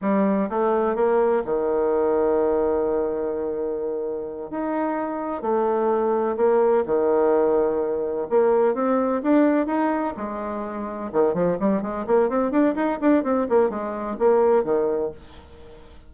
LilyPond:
\new Staff \with { instrumentName = "bassoon" } { \time 4/4 \tempo 4 = 127 g4 a4 ais4 dis4~ | dis1~ | dis4. dis'2 a8~ | a4. ais4 dis4.~ |
dis4. ais4 c'4 d'8~ | d'8 dis'4 gis2 dis8 | f8 g8 gis8 ais8 c'8 d'8 dis'8 d'8 | c'8 ais8 gis4 ais4 dis4 | }